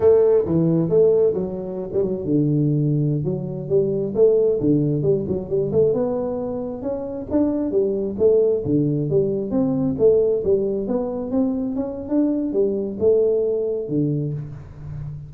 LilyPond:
\new Staff \with { instrumentName = "tuba" } { \time 4/4 \tempo 4 = 134 a4 e4 a4 fis4~ | fis16 g16 fis8 d2~ d16 fis8.~ | fis16 g4 a4 d4 g8 fis16~ | fis16 g8 a8 b2 cis'8.~ |
cis'16 d'4 g4 a4 d8.~ | d16 g4 c'4 a4 g8.~ | g16 b4 c'4 cis'8. d'4 | g4 a2 d4 | }